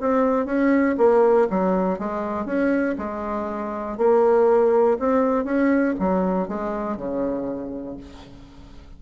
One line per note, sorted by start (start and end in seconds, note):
0.00 0.45 C4
0.45 0.95 C#4
0.97 1.47 A#3
1.49 1.98 F#3
1.98 2.45 G#3
2.45 2.95 C#4
2.98 3.97 G#3
3.97 4.97 A#3
4.99 5.44 C4
5.44 5.94 C#4
5.99 6.48 F#3
6.48 6.96 G#3
6.96 7.96 C#3